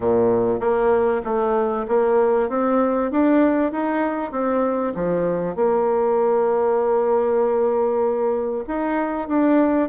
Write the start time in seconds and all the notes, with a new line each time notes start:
0.00 A#2
0.60 A#3
1.24 A3
1.88 A#3
2.49 C4
3.11 D4
3.72 D#4
4.31 C4
4.95 F3
5.55 A#3
8.67 D#4
9.28 D4